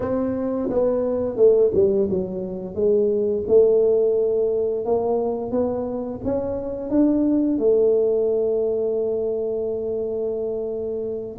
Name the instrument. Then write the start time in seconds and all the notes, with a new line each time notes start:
tuba
0.00 C4
0.70 B3
1.36 A3
1.74 G3
2.10 F#3
2.74 G#3
3.47 A3
4.85 A#3
5.51 B3
6.24 C#4
6.90 D4
7.58 A3